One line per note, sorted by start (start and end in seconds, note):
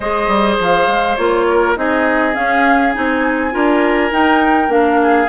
0.00 0.27 G#3
0.00 1.18 G#4
0.00 1.45 C5
0.00 0.56 D#5
0.27 0.57 G3
0.59 0.87 F3
0.59 1.15 F5
0.87 1.16 G#3
1.15 1.76 A#3
1.15 1.76 F4
1.15 1.74 C#5
1.50 1.78 A#4
1.76 2.35 C4
1.76 2.33 D#4
1.76 3.53 G#4
1.76 2.34 D#5
2.33 2.92 C#4
2.33 2.95 C#4
2.33 2.93 F5
2.93 3.54 C4
2.93 3.51 D#4
2.93 4.13 G#5
3.51 4.11 D4
3.51 4.10 F4
3.51 5.00 A#4
4.11 4.68 D#4
4.11 4.69 D#4
4.11 4.71 G5
4.68 5.27 A#3
4.68 5.27 D4
4.68 5.28 F5
5.02 5.28 G#4